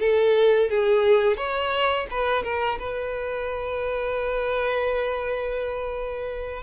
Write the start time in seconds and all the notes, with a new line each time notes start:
0.00 A4
0.70 G#4
1.37 C#5
2.11 B4
2.44 A#4
2.79 B4